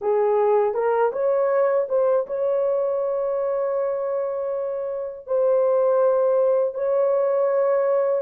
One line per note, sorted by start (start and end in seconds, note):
0.01 0.74 G#4
0.74 1.11 A#4
1.12 1.87 C#5
1.89 2.26 C5
2.26 5.26 C#5
5.26 6.74 C5
6.74 8.22 C#5